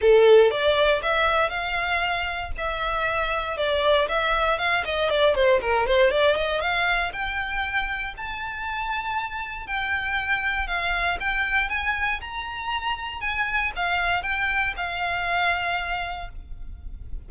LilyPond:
\new Staff \with { instrumentName = "violin" } { \time 4/4 \tempo 4 = 118 a'4 d''4 e''4 f''4~ | f''4 e''2 d''4 | e''4 f''8 dis''8 d''8 c''8 ais'8 c''8 | d''8 dis''8 f''4 g''2 |
a''2. g''4~ | g''4 f''4 g''4 gis''4 | ais''2 gis''4 f''4 | g''4 f''2. | }